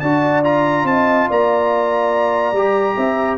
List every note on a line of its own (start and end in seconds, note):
0.00 0.84 D4
0.00 0.44 F#4
0.00 0.85 D5
0.00 0.42 A5
0.44 2.55 F4
0.44 0.87 A#5
0.84 1.26 C4
0.84 1.29 D#5
0.84 1.29 A5
1.29 2.52 A#3
1.29 2.97 D5
1.29 3.37 A#5
2.52 2.94 G3
2.52 3.37 G4
2.97 3.37 C4
2.97 3.37 E5